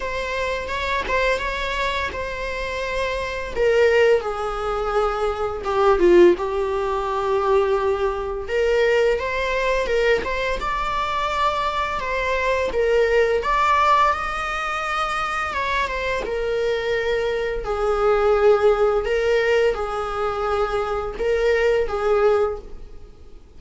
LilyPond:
\new Staff \with { instrumentName = "viola" } { \time 4/4 \tempo 4 = 85 c''4 cis''8 c''8 cis''4 c''4~ | c''4 ais'4 gis'2 | g'8 f'8 g'2. | ais'4 c''4 ais'8 c''8 d''4~ |
d''4 c''4 ais'4 d''4 | dis''2 cis''8 c''8 ais'4~ | ais'4 gis'2 ais'4 | gis'2 ais'4 gis'4 | }